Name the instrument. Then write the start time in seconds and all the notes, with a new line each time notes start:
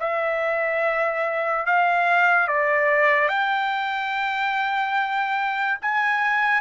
trumpet
0.00 E5
1.66 F5
2.48 D5
3.28 G5
5.81 G#5